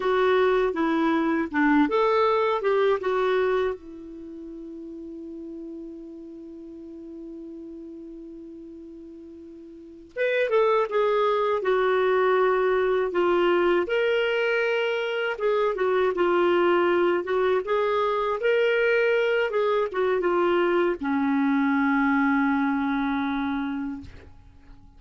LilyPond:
\new Staff \with { instrumentName = "clarinet" } { \time 4/4 \tempo 4 = 80 fis'4 e'4 d'8 a'4 g'8 | fis'4 e'2.~ | e'1~ | e'4. b'8 a'8 gis'4 fis'8~ |
fis'4. f'4 ais'4.~ | ais'8 gis'8 fis'8 f'4. fis'8 gis'8~ | gis'8 ais'4. gis'8 fis'8 f'4 | cis'1 | }